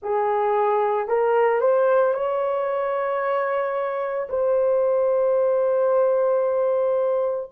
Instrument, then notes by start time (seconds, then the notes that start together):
horn
0.02 G#4
1.08 A#4
1.60 C5
2.14 C#5
4.29 C5